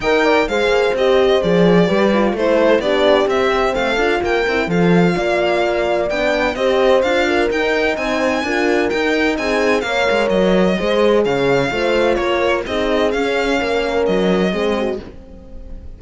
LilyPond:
<<
  \new Staff \with { instrumentName = "violin" } { \time 4/4 \tempo 4 = 128 g''4 f''4 dis''4 d''4~ | d''4 c''4 d''4 e''4 | f''4 g''4 f''2~ | f''4 g''4 dis''4 f''4 |
g''4 gis''2 g''4 | gis''4 f''4 dis''2 | f''2 cis''4 dis''4 | f''2 dis''2 | }
  \new Staff \with { instrumentName = "horn" } { \time 4/4 dis''8 d''8 c''2. | b'4 a'4 g'2 | a'4 ais'4 a'4 d''4~ | d''2 c''4. ais'8~ |
ais'4 c''4 ais'2 | gis'4 cis''2 c''4 | cis''4 c''4 ais'4 gis'4~ | gis'4 ais'2 gis'8 fis'8 | }
  \new Staff \with { instrumentName = "horn" } { \time 4/4 ais'4 gis'4 g'4 gis'4 | g'8 f'8 e'4 d'4 c'4~ | c'8 f'4 e'8 f'2~ | f'4 d'4 g'4 f'4 |
dis'2 f'4 dis'4~ | dis'4 ais'2 gis'4~ | gis'4 f'2 dis'4 | cis'2. c'4 | }
  \new Staff \with { instrumentName = "cello" } { \time 4/4 dis'4 gis8 ais8 c'4 f4 | g4 a4 b4 c'4 | a8 d'8 ais8 c'8 f4 ais4~ | ais4 b4 c'4 d'4 |
dis'4 c'4 d'4 dis'4 | c'4 ais8 gis8 fis4 gis4 | cis4 a4 ais4 c'4 | cis'4 ais4 fis4 gis4 | }
>>